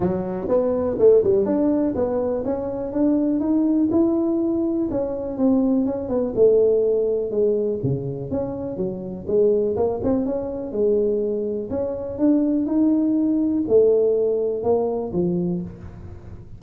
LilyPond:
\new Staff \with { instrumentName = "tuba" } { \time 4/4 \tempo 4 = 123 fis4 b4 a8 g8 d'4 | b4 cis'4 d'4 dis'4 | e'2 cis'4 c'4 | cis'8 b8 a2 gis4 |
cis4 cis'4 fis4 gis4 | ais8 c'8 cis'4 gis2 | cis'4 d'4 dis'2 | a2 ais4 f4 | }